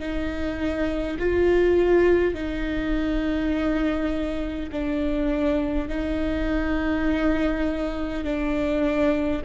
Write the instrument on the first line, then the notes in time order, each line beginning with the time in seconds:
viola
0.00 D#4
1.19 F4
2.34 D#4
4.72 D4
5.89 D#4
8.25 D4